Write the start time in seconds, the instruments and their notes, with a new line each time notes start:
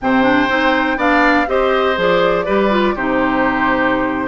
0.01 bassoon C3, clarinet C4, oboe C5, flute G5
0.22 clarinet D4
0.49 bassoon C4, clarinet D#4
0.96 bassoon B3, clarinet D4, oboe D5, flute F5
1.46 bassoon C4, clarinet G4, oboe C5, flute D#5
1.96 bassoon F3, clarinet G#4, flute D5
2.45 bassoon G3, clarinet G4, oboe B4
2.70 clarinet F4
2.95 bassoon C3, clarinet D#4, oboe G4, flute C5